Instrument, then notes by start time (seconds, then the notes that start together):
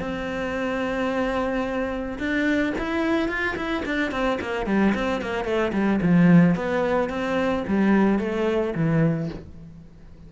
cello
0.00 C4
2.18 D4
2.78 E4
3.29 F4
3.56 E4
3.86 D4
4.11 C4
4.41 A#3
4.66 G3
4.95 C4
5.21 A#3
5.44 A3
5.73 G3
6.01 F3
6.56 B3
7.09 C4
7.67 G3
8.19 A3
8.75 E3